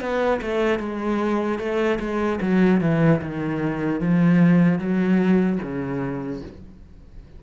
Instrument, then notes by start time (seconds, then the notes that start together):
cello
0.00 B3
0.41 A3
0.79 G#3
1.58 A3
1.99 G#3
2.41 F#3
2.80 E3
3.21 D#3
4.00 F3
4.78 F#3
5.62 C#3